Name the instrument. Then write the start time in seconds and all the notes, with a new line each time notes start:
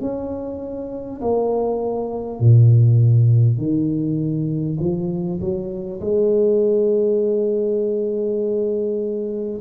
tuba
0.00 C#4
1.21 A#3
2.39 A#2
3.57 D#3
4.79 F3
5.40 F#3
6.01 G#3